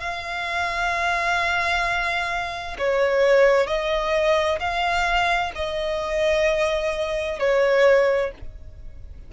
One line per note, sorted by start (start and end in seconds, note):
0.00 2.77 F5
2.79 3.67 C#5
3.67 4.59 D#5
4.59 5.52 F5
5.55 7.39 D#5
7.39 8.32 C#5